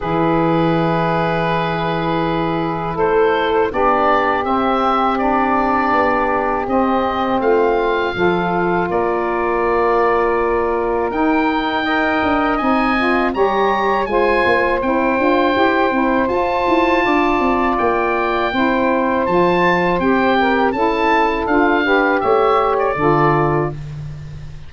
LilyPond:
<<
  \new Staff \with { instrumentName = "oboe" } { \time 4/4 \tempo 4 = 81 b'1 | c''4 d''4 e''4 d''4~ | d''4 dis''4 f''2 | d''2. g''4~ |
g''4 gis''4 ais''4 gis''4 | g''2 a''2 | g''2 a''4 g''4 | a''4 f''4 e''8. d''4~ d''16 | }
  \new Staff \with { instrumentName = "saxophone" } { \time 4/4 gis'1 | a'4 g'2.~ | g'2 f'4 a'4 | ais'1 |
dis''2 cis''4 c''4~ | c''2. d''4~ | d''4 c''2~ c''8 ais'8 | a'4. b'8 cis''4 a'4 | }
  \new Staff \with { instrumentName = "saxophone" } { \time 4/4 e'1~ | e'4 d'4 c'4 d'4~ | d'4 c'2 f'4~ | f'2. dis'4 |
ais'4 dis'8 f'8 g'4 f'4 | e'8 f'8 g'8 e'8 f'2~ | f'4 e'4 f'4 g'4 | e'4 f'8 g'4. f'4 | }
  \new Staff \with { instrumentName = "tuba" } { \time 4/4 e1 | a4 b4 c'2 | b4 c'4 a4 f4 | ais2. dis'4~ |
dis'8 d'8 c'4 g4 gis8 ais8 | c'8 d'8 e'8 c'8 f'8 e'8 d'8 c'8 | ais4 c'4 f4 c'4 | cis'4 d'4 a4 d4 | }
>>